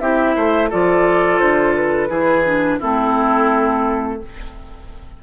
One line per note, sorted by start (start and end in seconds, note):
0.00 0.36 C4
0.00 0.70 E4
0.00 0.36 G4
0.00 0.70 E5
0.36 0.71 A3
0.36 0.70 C5
0.70 1.40 F3
0.70 2.09 F4
0.70 2.09 A4
0.70 1.39 D5
1.39 2.09 D3
1.39 1.74 C5
1.75 2.80 B4
2.09 2.79 E3
2.09 2.44 E4
2.09 2.79 G#4
2.45 2.80 D4
2.79 4.23 A3
2.79 4.20 C4
2.79 4.19 E4
2.79 4.22 A4